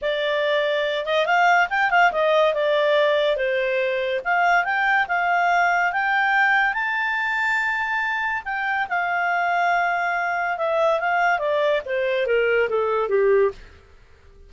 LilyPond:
\new Staff \with { instrumentName = "clarinet" } { \time 4/4 \tempo 4 = 142 d''2~ d''8 dis''8 f''4 | g''8 f''8 dis''4 d''2 | c''2 f''4 g''4 | f''2 g''2 |
a''1 | g''4 f''2.~ | f''4 e''4 f''4 d''4 | c''4 ais'4 a'4 g'4 | }